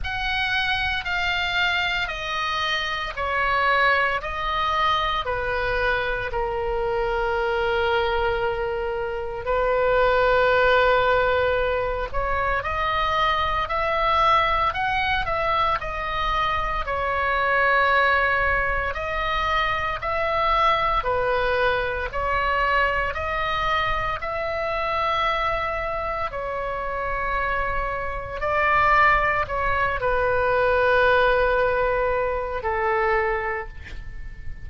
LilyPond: \new Staff \with { instrumentName = "oboe" } { \time 4/4 \tempo 4 = 57 fis''4 f''4 dis''4 cis''4 | dis''4 b'4 ais'2~ | ais'4 b'2~ b'8 cis''8 | dis''4 e''4 fis''8 e''8 dis''4 |
cis''2 dis''4 e''4 | b'4 cis''4 dis''4 e''4~ | e''4 cis''2 d''4 | cis''8 b'2~ b'8 a'4 | }